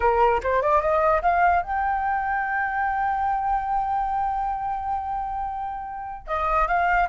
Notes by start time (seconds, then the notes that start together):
0.00 A#4
0.43 C5
0.61 D5
0.81 D#5
1.22 F5
1.62 G5
6.27 D#5
6.67 F5